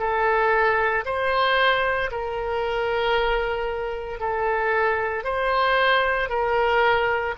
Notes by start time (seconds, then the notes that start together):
0.00 A4
1.06 C5
2.12 A#4
4.20 A4
5.24 C5
6.30 A#4